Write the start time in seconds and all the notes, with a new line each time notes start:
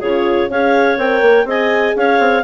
0.00 C#3 F4 G#4 C#5
0.50 C#4 G#4 C#5 F5
0.98 C4 A#4 G5
1.22 A#3
1.45 C4 G#4 D#5 G#5
1.96 C#4 C#5 F5
2.20 C4